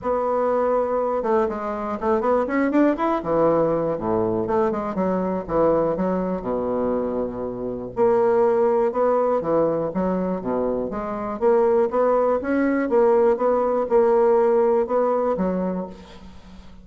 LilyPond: \new Staff \with { instrumentName = "bassoon" } { \time 4/4 \tempo 4 = 121 b2~ b8 a8 gis4 | a8 b8 cis'8 d'8 e'8 e4. | a,4 a8 gis8 fis4 e4 | fis4 b,2. |
ais2 b4 e4 | fis4 b,4 gis4 ais4 | b4 cis'4 ais4 b4 | ais2 b4 fis4 | }